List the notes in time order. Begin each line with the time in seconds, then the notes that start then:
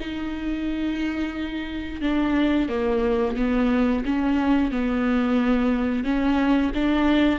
0.00 D#4
2.01 D4
2.69 A#3
3.36 B3
4.05 C#4
4.71 B3
6.04 C#4
6.74 D4